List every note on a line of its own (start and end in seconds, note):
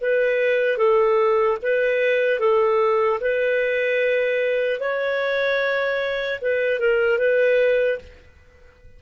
0.00 0.77 B4
0.77 1.57 A4
1.62 2.39 B4
2.39 3.19 A4
3.20 4.80 B4
4.80 6.40 C#5
6.41 6.79 B4
6.79 7.18 A#4
7.18 7.98 B4